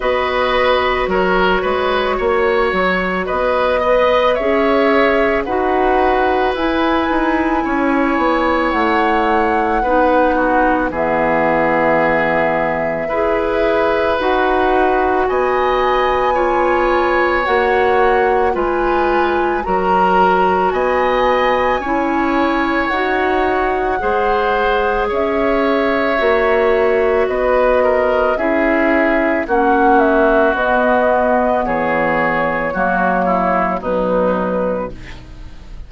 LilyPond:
<<
  \new Staff \with { instrumentName = "flute" } { \time 4/4 \tempo 4 = 55 dis''4 cis''2 dis''4 | e''4 fis''4 gis''2 | fis''2 e''2~ | e''4 fis''4 gis''2 |
fis''4 gis''4 ais''4 gis''4~ | gis''4 fis''2 e''4~ | e''4 dis''4 e''4 fis''8 e''8 | dis''4 cis''2 b'4 | }
  \new Staff \with { instrumentName = "oboe" } { \time 4/4 b'4 ais'8 b'8 cis''4 b'8 dis''8 | cis''4 b'2 cis''4~ | cis''4 b'8 fis'8 gis'2 | b'2 dis''4 cis''4~ |
cis''4 b'4 ais'4 dis''4 | cis''2 c''4 cis''4~ | cis''4 b'8 ais'8 gis'4 fis'4~ | fis'4 gis'4 fis'8 e'8 dis'4 | }
  \new Staff \with { instrumentName = "clarinet" } { \time 4/4 fis'2.~ fis'8 b'8 | gis'4 fis'4 e'2~ | e'4 dis'4 b2 | gis'4 fis'2 f'4 |
fis'4 f'4 fis'2 | e'4 fis'4 gis'2 | fis'2 e'4 cis'4 | b2 ais4 fis4 | }
  \new Staff \with { instrumentName = "bassoon" } { \time 4/4 b4 fis8 gis8 ais8 fis8 b4 | cis'4 dis'4 e'8 dis'8 cis'8 b8 | a4 b4 e2 | e'4 dis'4 b2 |
ais4 gis4 fis4 b4 | cis'4 dis'4 gis4 cis'4 | ais4 b4 cis'4 ais4 | b4 e4 fis4 b,4 | }
>>